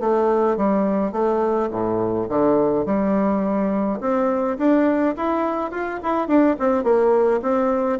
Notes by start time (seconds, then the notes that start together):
0.00 A3
0.57 G3
1.12 A3
1.71 A2
2.29 D3
2.85 G3
4.00 C4
4.58 D4
5.16 E4
5.71 F4
6.03 E4
6.28 D4
6.59 C4
6.84 A#3
7.42 C4